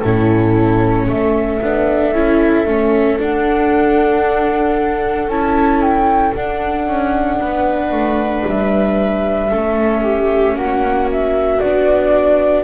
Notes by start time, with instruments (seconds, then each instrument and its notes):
0.00 double bass A2, viola C#4 E4, flute A4
1.07 double bass A3, viola A4, flute E5
1.62 double bass B3, viola D4
2.12 double bass C#4, viola E4
2.65 double bass A3, viola C#4
3.19 viola D4, double bass D4, flute F#5
5.27 double bass C#4, viola E4, flute A5
5.81 flute G5
6.34 viola D4, double bass D4, flute F#5
6.87 double bass C#4
7.40 double bass B3, viola B4
7.91 double bass A3
8.45 double bass G3, flute E5
9.50 double bass A3, viola C#4 A4
10.02 viola G4
10.55 double bass A#3, viola F#4, flute F#5
11.12 flute E5
11.59 double bass B3, viola D4, flute D5